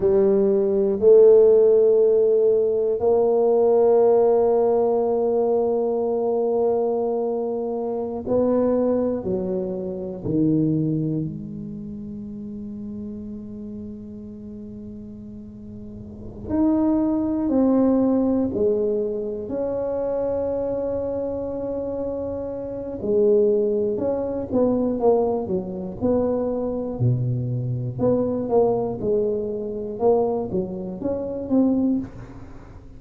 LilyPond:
\new Staff \with { instrumentName = "tuba" } { \time 4/4 \tempo 4 = 60 g4 a2 ais4~ | ais1~ | ais16 b4 fis4 dis4 gis8.~ | gis1~ |
gis8 dis'4 c'4 gis4 cis'8~ | cis'2. gis4 | cis'8 b8 ais8 fis8 b4 b,4 | b8 ais8 gis4 ais8 fis8 cis'8 c'8 | }